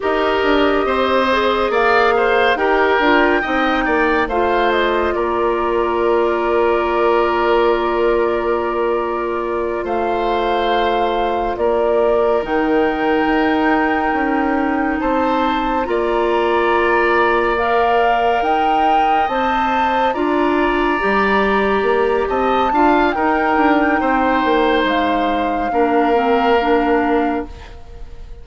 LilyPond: <<
  \new Staff \with { instrumentName = "flute" } { \time 4/4 \tempo 4 = 70 dis''2 f''4 g''4~ | g''4 f''8 dis''8 d''2~ | d''2.~ d''8 f''8~ | f''4. d''4 g''4.~ |
g''4. a''4 ais''4.~ | ais''8 f''4 g''4 a''4 ais''8~ | ais''2 a''4 g''4~ | g''4 f''2. | }
  \new Staff \with { instrumentName = "oboe" } { \time 4/4 ais'4 c''4 d''8 c''8 ais'4 | dis''8 d''8 c''4 ais'2~ | ais'2.~ ais'8 c''8~ | c''4. ais'2~ ais'8~ |
ais'4. c''4 d''4.~ | d''4. dis''2 d''8~ | d''2 dis''8 f''8 ais'4 | c''2 ais'2 | }
  \new Staff \with { instrumentName = "clarinet" } { \time 4/4 g'4. gis'4. g'8 f'8 | dis'4 f'2.~ | f'1~ | f'2~ f'8 dis'4.~ |
dis'2~ dis'8 f'4.~ | f'8 ais'2 c''4 f'8~ | f'8 g'2 f'8 dis'4~ | dis'2 d'8 c'8 d'4 | }
  \new Staff \with { instrumentName = "bassoon" } { \time 4/4 dis'8 d'8 c'4 ais4 dis'8 d'8 | c'8 ais8 a4 ais2~ | ais2.~ ais8 a8~ | a4. ais4 dis4 dis'8~ |
dis'8 cis'4 c'4 ais4.~ | ais4. dis'4 c'4 d'8~ | d'8 g4 ais8 c'8 d'8 dis'8 d'8 | c'8 ais8 gis4 ais2 | }
>>